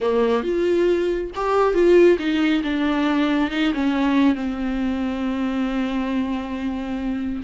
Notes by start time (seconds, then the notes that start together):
0.00 A#3
0.43 F4
1.35 G4
1.74 F4
2.18 D#4
2.63 D4
3.50 D#4
3.73 C#4
4.35 C4